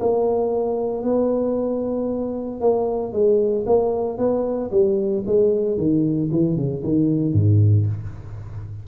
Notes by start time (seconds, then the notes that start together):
0.00 A#3
1.03 B3
2.61 A#3
3.12 G#3
3.66 A#3
4.18 B3
4.71 G3
5.26 G#3
5.77 D#3
6.31 E3
6.56 C#3
6.83 D#3
7.33 G#2